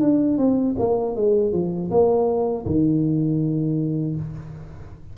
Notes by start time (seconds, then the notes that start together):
0.00 D4
0.38 C4
0.78 A#3
1.16 G#3
1.53 F3
1.90 A#3
2.66 D#3